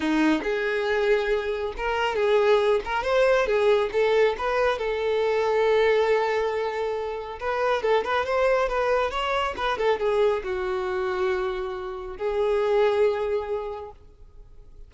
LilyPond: \new Staff \with { instrumentName = "violin" } { \time 4/4 \tempo 4 = 138 dis'4 gis'2. | ais'4 gis'4. ais'8 c''4 | gis'4 a'4 b'4 a'4~ | a'1~ |
a'4 b'4 a'8 b'8 c''4 | b'4 cis''4 b'8 a'8 gis'4 | fis'1 | gis'1 | }